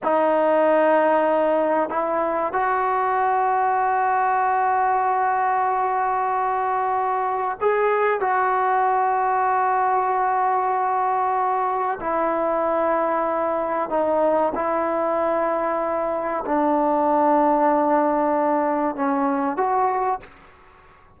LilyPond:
\new Staff \with { instrumentName = "trombone" } { \time 4/4 \tempo 4 = 95 dis'2. e'4 | fis'1~ | fis'1 | gis'4 fis'2.~ |
fis'2. e'4~ | e'2 dis'4 e'4~ | e'2 d'2~ | d'2 cis'4 fis'4 | }